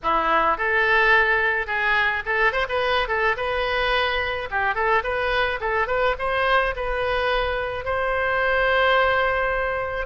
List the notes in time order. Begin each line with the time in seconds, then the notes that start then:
0.03 E4
0.57 A4
1.67 G#4
2.25 A4
2.52 C5
2.68 B4
3.08 A4
3.36 B4
4.50 G4
4.74 A4
5.03 B4
5.60 A4
5.87 B4
6.18 C5
6.75 B4
7.84 C5